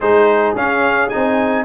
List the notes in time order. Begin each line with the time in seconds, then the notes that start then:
0.00 G#3 D#4 G#4 C5
0.55 C#4 F5
1.09 C4 D#4 G#5